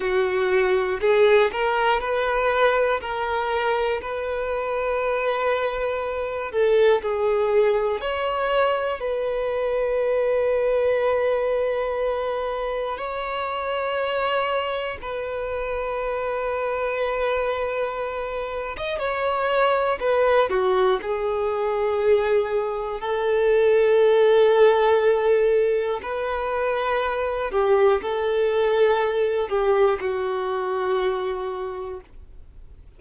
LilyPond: \new Staff \with { instrumentName = "violin" } { \time 4/4 \tempo 4 = 60 fis'4 gis'8 ais'8 b'4 ais'4 | b'2~ b'8 a'8 gis'4 | cis''4 b'2.~ | b'4 cis''2 b'4~ |
b'2~ b'8. dis''16 cis''4 | b'8 fis'8 gis'2 a'4~ | a'2 b'4. g'8 | a'4. g'8 fis'2 | }